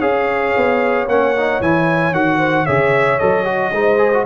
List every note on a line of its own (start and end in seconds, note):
0.00 0.54 C#4
0.00 1.07 G#4
0.00 2.38 C#5
0.00 1.07 F5
0.57 1.07 B3
1.07 1.60 A#3
1.07 1.36 C#4
1.07 1.62 F#5
1.37 1.62 D#4
1.61 2.12 E3
1.61 2.14 E4
1.61 2.14 G#5
2.12 2.65 D#3
2.12 2.67 F#4
2.12 2.66 F#5
2.38 2.65 C5
2.65 3.21 C#3
2.65 3.20 G#4
2.65 3.71 C#5
2.65 3.19 E5
3.19 3.72 F#3
3.19 3.45 A4
3.19 4.25 D#5
3.45 3.71 F#4
3.72 4.25 G#3
3.72 3.98 D#4
3.72 4.26 C5
3.98 4.11 G#4
4.13 4.26 F#4